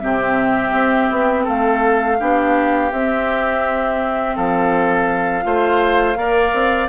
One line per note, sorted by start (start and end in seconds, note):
0.00 0.73 C3
0.00 2.17 C4
0.00 1.44 G4
0.00 1.45 E5
0.73 1.09 C4
1.11 1.47 B3
1.44 2.21 A3
1.44 2.17 A4
1.44 2.92 F5
2.19 2.92 B3
2.19 2.91 D4
2.19 4.36 G4
2.92 4.37 C4
2.92 5.43 C4
2.92 4.37 E5
4.36 5.45 F3
4.36 5.44 A4
4.36 6.89 F5
5.43 6.16 A3
5.43 6.15 F4
5.43 6.18 C5
6.16 6.52 A#3
6.16 6.89 A#4
6.16 6.89 D5
6.54 6.89 C4